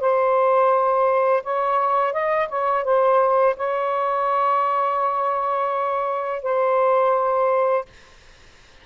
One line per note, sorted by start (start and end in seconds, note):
0.00 1.43 C5
1.43 2.13 C#5
2.13 2.48 D#5
2.49 2.84 C#5
2.84 3.56 C5
3.56 6.42 C#5
6.42 7.85 C5